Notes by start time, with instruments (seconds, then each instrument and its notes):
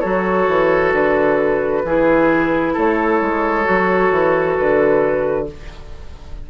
0.00 bassoon F#3, clarinet F#4, oboe A4, flute C#5
0.48 bassoon E3
0.93 bassoon D3, flute B4
1.84 bassoon E3, clarinet E4, oboe G#4
2.73 bassoon A3, oboe A4, flute C#5
3.21 bassoon G#3
3.64 bassoon F#3, clarinet F#4
4.11 bassoon E3
4.56 bassoon D3, flute B4